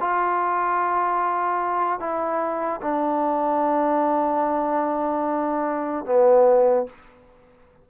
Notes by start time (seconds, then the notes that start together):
0.00 F4
1.99 E4
2.82 D4
6.05 B3